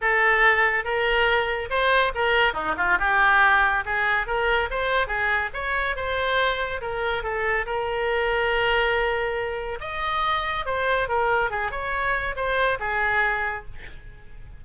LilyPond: \new Staff \with { instrumentName = "oboe" } { \time 4/4 \tempo 4 = 141 a'2 ais'2 | c''4 ais'4 dis'8 f'8 g'4~ | g'4 gis'4 ais'4 c''4 | gis'4 cis''4 c''2 |
ais'4 a'4 ais'2~ | ais'2. dis''4~ | dis''4 c''4 ais'4 gis'8 cis''8~ | cis''4 c''4 gis'2 | }